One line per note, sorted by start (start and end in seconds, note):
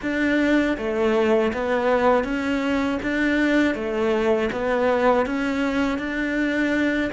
0.02 0.77 D4
0.77 1.52 A3
1.53 2.24 B3
2.24 2.99 C#4
3.02 3.74 D4
3.74 4.49 A3
4.51 5.26 B3
5.26 5.98 C#4
5.98 7.10 D4